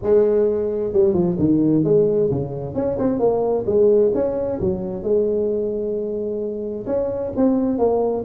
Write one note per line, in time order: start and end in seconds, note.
0.02 0.93 G#3
0.93 1.13 G3
1.13 1.36 F3
1.39 1.84 D#3
1.84 2.30 G#3
2.30 2.74 C#3
2.74 2.97 C#4
2.98 3.19 C4
3.19 3.65 A#3
3.66 4.12 G#3
4.14 4.60 C#4
4.60 5.03 F#3
5.03 6.86 G#3
6.86 7.32 C#4
7.36 7.78 C4
7.78 8.24 A#3